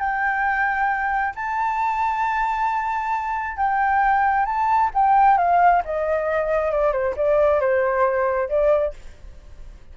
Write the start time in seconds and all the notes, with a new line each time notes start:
0.00 G5
1.36 A5
3.57 G5
4.46 A5
4.94 G5
5.38 F5
5.85 D#5
6.72 D5
6.93 C5
7.17 D5
7.61 C5
8.49 D5